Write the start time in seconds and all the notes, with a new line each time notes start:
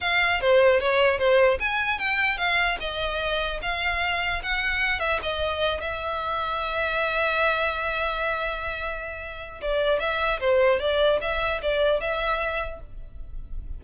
0.01 F5
0.41 C5
0.80 C#5
1.18 C5
1.59 G#5
1.98 G5
2.37 F5
2.80 D#5
3.61 F5
4.42 F#5
4.99 E5
5.22 D#5
5.80 E5
9.61 D5
9.99 E5
10.40 C5
10.79 D5
11.21 E5
11.62 D5
12.00 E5